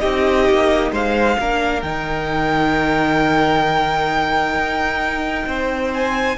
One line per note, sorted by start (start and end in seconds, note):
0.00 0.50 C4
0.00 1.36 D#4
0.00 0.92 G4
0.00 0.91 D#5
0.50 0.92 A#3
0.92 1.37 G#3
0.92 1.38 C5
0.92 1.83 F5
1.39 1.83 A#3
1.39 1.84 D4
1.39 5.48 A#4
1.83 4.54 D#3
1.83 6.38 D#4
1.83 5.92 G5
4.54 5.45 D#4
5.47 6.37 C4
5.47 6.38 C5
5.94 6.38 G#5